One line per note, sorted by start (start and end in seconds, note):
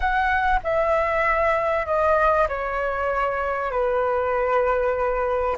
0.00 0.60 F#5
0.63 1.86 E5
1.86 2.47 D#5
2.48 3.71 C#5
3.71 5.56 B4